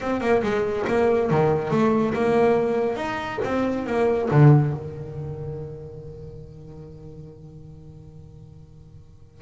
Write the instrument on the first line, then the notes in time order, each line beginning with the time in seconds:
double bass
0.01 C4
0.20 A#3
0.42 G#3
0.87 A#3
1.30 D#3
1.70 A3
2.14 A#3
2.96 D#4
3.43 C4
3.86 A#3
4.30 D3
4.73 D#3